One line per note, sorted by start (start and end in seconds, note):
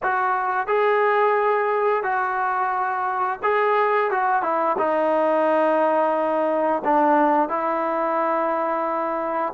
0.02 0.67 F#4
0.67 2.03 G#4
2.03 3.39 F#4
3.42 4.10 G#4
4.10 4.42 F#4
4.42 4.76 E4
4.78 6.82 D#4
6.84 7.48 D4
7.48 9.53 E4